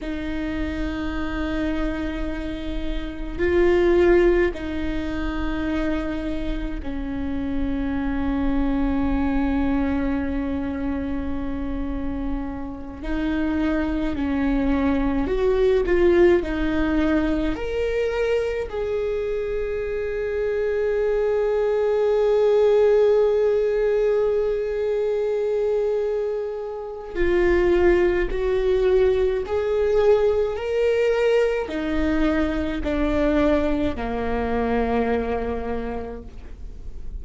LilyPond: \new Staff \with { instrumentName = "viola" } { \time 4/4 \tempo 4 = 53 dis'2. f'4 | dis'2 cis'2~ | cis'2.~ cis'8 dis'8~ | dis'8 cis'4 fis'8 f'8 dis'4 ais'8~ |
ais'8 gis'2.~ gis'8~ | gis'1 | f'4 fis'4 gis'4 ais'4 | dis'4 d'4 ais2 | }